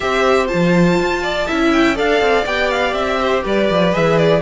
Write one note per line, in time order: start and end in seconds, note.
0.00 0.51 C4
0.00 0.47 G4
0.00 1.22 C5
0.00 0.47 E5
0.47 1.45 F4
0.47 1.70 A5
0.53 0.99 F3
0.99 1.48 F4
1.22 1.46 D5
1.46 1.99 C#4
1.46 1.95 E4
1.46 1.95 E5
1.72 1.97 G5
1.95 2.20 D4
1.95 2.44 A4
1.95 3.18 D5
1.95 2.46 F5
2.20 2.45 C4
2.45 2.93 B3
2.45 3.92 G4
2.45 2.70 G5
2.71 2.93 F5
2.93 3.42 C4
2.93 3.43 E5
3.20 3.43 C5
3.43 3.69 G3
3.43 4.41 B4
3.43 3.94 D5
3.70 3.94 F3
3.92 4.41 E3
3.92 4.41 G#4
3.92 4.17 E5
4.17 4.41 D5